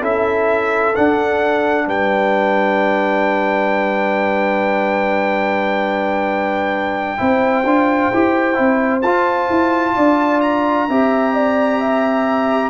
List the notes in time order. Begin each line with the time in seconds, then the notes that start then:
0.00 C#4 E4 A4 E5
0.95 D4 F#5
1.86 G3 B4 G5
7.18 C4 E4 C5
7.63 D4 F4
8.13 E4 G4
8.54 C4 E4
9.02 F4 A5
9.49 E4
9.95 D4 D5
10.40 A#5
10.88 C4 G4 E5
11.34 D5
11.80 E5